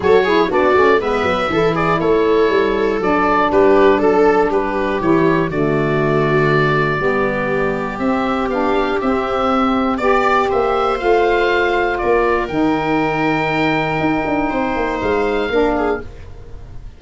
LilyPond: <<
  \new Staff \with { instrumentName = "oboe" } { \time 4/4 \tempo 4 = 120 cis''4 d''4 e''4. d''8 | cis''2 d''4 b'4 | a'4 b'4 cis''4 d''4~ | d''1 |
e''4 f''4 e''2 | d''4 e''4 f''2 | d''4 g''2.~ | g''2 f''2 | }
  \new Staff \with { instrumentName = "viola" } { \time 4/4 a'8 gis'8 fis'4 b'4 a'8 gis'8 | a'2. g'4 | a'4 g'2 fis'4~ | fis'2 g'2~ |
g'1 | d''4 c''2. | ais'1~ | ais'4 c''2 ais'8 gis'8 | }
  \new Staff \with { instrumentName = "saxophone" } { \time 4/4 fis'8 e'8 d'8 cis'8 b4 e'4~ | e'2 d'2~ | d'2 e'4 a4~ | a2 b2 |
c'4 d'4 c'2 | g'2 f'2~ | f'4 dis'2.~ | dis'2. d'4 | }
  \new Staff \with { instrumentName = "tuba" } { \time 4/4 fis4 b8 a8 gis8 fis8 e4 | a4 g4 fis4 g4 | fis4 g4 e4 d4~ | d2 g2 |
c'4 b4 c'2 | b4 ais4 a2 | ais4 dis2. | dis'8 d'8 c'8 ais8 gis4 ais4 | }
>>